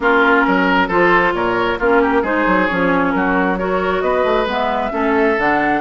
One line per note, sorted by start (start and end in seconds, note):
0.00 0.44 A#3
0.00 0.90 C#4
0.00 0.46 F4
0.00 0.89 A#4
0.47 0.88 F#3
0.47 0.87 A#4
0.87 1.33 F3
0.87 1.79 F4
0.87 1.32 A4
0.87 1.33 C5
1.33 1.78 A#2
1.33 1.79 A#4
1.33 1.78 C#5
1.79 2.22 A#3
1.79 2.24 C#4
1.79 2.01 F4
1.79 2.25 A#4
2.01 2.22 G4
2.22 2.45 G#3
2.22 2.69 D#4
2.22 3.11 G#4
2.22 2.67 C5
2.46 2.68 F#3
2.67 3.14 F3
2.67 3.58 C#4
2.67 3.11 C#5
3.11 4.01 F#3
3.11 3.59 F#4
3.11 3.56 A#4
3.58 4.47 F#4
3.58 4.03 A#4
3.58 4.01 C#5
4.01 4.24 B3
4.01 4.92 B4
4.01 4.46 D#5
4.24 4.45 A3
4.45 4.90 G#3
4.45 4.90 B3
4.45 5.40 E5
4.90 5.37 A3
4.90 5.35 C#4
4.90 5.81 A4
5.37 5.81 D3
5.37 5.81 D4
5.37 5.81 F#5